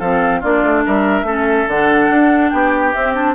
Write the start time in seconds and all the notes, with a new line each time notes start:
0.00 F3 C4 A4 F5
0.40 A#3 D4 F4 D5
0.63 A3
0.85 G3 A#4 E5
1.23 A3 C#4 A4
1.68 D3 D4 F#5
2.10 D4
2.50 B3 G4 G5
2.93 C4 E5
3.15 D4 A5